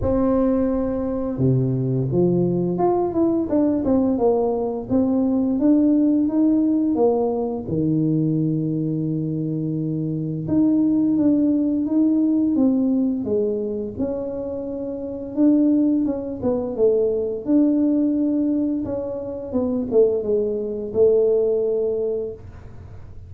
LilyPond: \new Staff \with { instrumentName = "tuba" } { \time 4/4 \tempo 4 = 86 c'2 c4 f4 | f'8 e'8 d'8 c'8 ais4 c'4 | d'4 dis'4 ais4 dis4~ | dis2. dis'4 |
d'4 dis'4 c'4 gis4 | cis'2 d'4 cis'8 b8 | a4 d'2 cis'4 | b8 a8 gis4 a2 | }